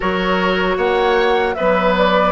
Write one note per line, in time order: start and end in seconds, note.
0.00 0.77 F#3
0.00 1.55 F#4
0.00 0.77 A#4
0.00 0.78 C#5
0.77 1.55 A#3
0.77 1.55 C#5
0.77 1.54 F#5
1.54 2.32 F#3
1.54 2.32 B3
1.54 2.32 B4
1.54 1.93 E5
1.97 2.32 D5